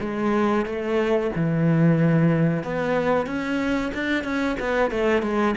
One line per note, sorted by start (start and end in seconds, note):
0.00 0.65 G#3
0.65 1.30 A3
1.35 2.63 E3
2.63 3.26 B3
3.26 3.91 C#4
3.93 4.24 D4
4.24 4.56 C#4
4.59 4.90 B3
4.90 5.22 A3
5.22 5.54 G#3